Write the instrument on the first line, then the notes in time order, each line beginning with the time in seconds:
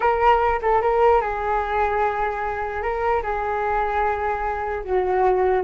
flute
0.00 A#4
0.62 A4
0.81 A#4
1.21 G#4
2.82 A#4
3.22 G#4
4.84 F#4